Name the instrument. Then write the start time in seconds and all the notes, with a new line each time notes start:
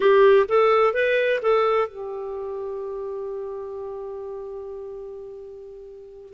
clarinet
0.00 G4
0.48 A4
0.93 B4
1.41 A4
1.88 G4